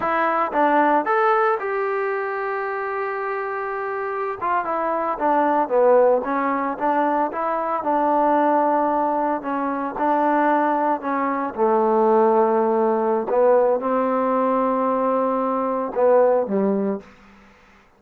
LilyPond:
\new Staff \with { instrumentName = "trombone" } { \time 4/4 \tempo 4 = 113 e'4 d'4 a'4 g'4~ | g'1~ | g'16 f'8 e'4 d'4 b4 cis'16~ | cis'8. d'4 e'4 d'4~ d'16~ |
d'4.~ d'16 cis'4 d'4~ d'16~ | d'8. cis'4 a2~ a16~ | a4 b4 c'2~ | c'2 b4 g4 | }